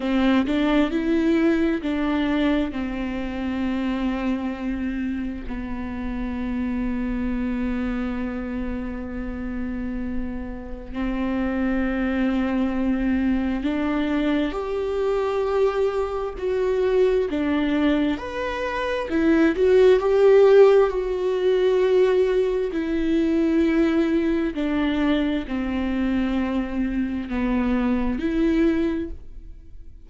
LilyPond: \new Staff \with { instrumentName = "viola" } { \time 4/4 \tempo 4 = 66 c'8 d'8 e'4 d'4 c'4~ | c'2 b2~ | b1 | c'2. d'4 |
g'2 fis'4 d'4 | b'4 e'8 fis'8 g'4 fis'4~ | fis'4 e'2 d'4 | c'2 b4 e'4 | }